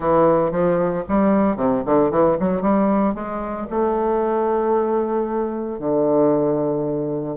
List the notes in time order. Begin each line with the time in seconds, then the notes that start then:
0.00 E3
0.51 F3
1.08 G3
1.56 C3
1.85 D3
2.11 E3
2.39 F#3
2.61 G3
3.14 G#3
3.70 A3
5.79 D3